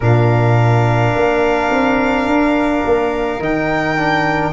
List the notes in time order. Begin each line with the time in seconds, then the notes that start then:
0.00 A#2 D4 A#4 F5
1.15 A#3
1.70 C4
2.26 D4
2.85 A#3
3.39 D#3 D#4 G5
3.96 D4